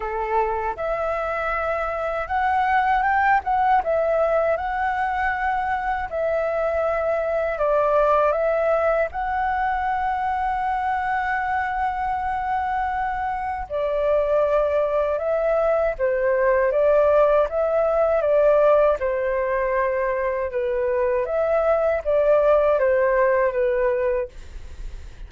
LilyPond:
\new Staff \with { instrumentName = "flute" } { \time 4/4 \tempo 4 = 79 a'4 e''2 fis''4 | g''8 fis''8 e''4 fis''2 | e''2 d''4 e''4 | fis''1~ |
fis''2 d''2 | e''4 c''4 d''4 e''4 | d''4 c''2 b'4 | e''4 d''4 c''4 b'4 | }